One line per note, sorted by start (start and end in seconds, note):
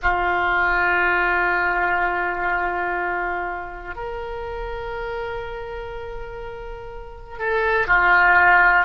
0.02 3.95 F4
3.95 7.38 A#4
7.38 7.87 A4
7.87 8.85 F4